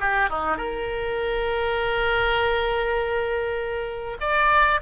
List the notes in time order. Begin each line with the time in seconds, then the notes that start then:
0.00 G4
0.30 D#4
0.57 A#4
4.21 D5